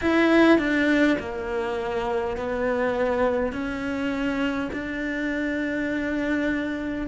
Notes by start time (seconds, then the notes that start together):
0.01 E4
0.58 D4
1.19 A#3
2.36 B3
3.52 C#4
4.72 D4